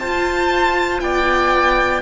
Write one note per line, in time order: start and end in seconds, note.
0.00 1.01 F4
0.00 2.02 F4
0.00 1.02 C5
0.00 1.00 A5
1.00 2.02 B3
1.00 2.02 D5
1.00 2.02 G5